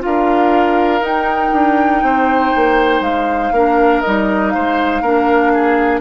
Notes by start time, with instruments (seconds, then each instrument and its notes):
0.00 bassoon D4, clarinet F4, oboe A#4, flute F5
1.01 bassoon D#4, clarinet D#4, flute G5
1.53 bassoon D4
2.03 bassoon C4, oboe C5
2.56 bassoon A#3
3.01 bassoon G#3, flute F5
3.52 bassoon A#3, clarinet D4, oboe A#4
4.01 bassoon G3, clarinet D#4, flute D#5
4.50 bassoon G#3, oboe C5, flute F5
5.01 bassoon A#3, clarinet D4, oboe A#4
5.54 oboe G#4